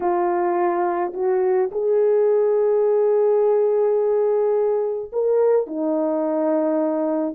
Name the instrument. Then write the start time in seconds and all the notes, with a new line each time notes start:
horn
0.00 F4
1.13 F#4
1.71 G#4
5.12 A#4
5.67 D#4